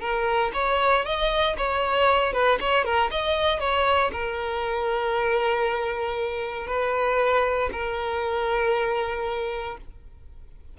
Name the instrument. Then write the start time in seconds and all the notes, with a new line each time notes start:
violin
0.00 A#4
0.53 C#5
1.05 D#5
1.57 C#5
2.33 B4
2.60 C#5
2.84 A#4
3.11 D#5
3.60 C#5
4.12 A#4
6.67 B4
7.72 A#4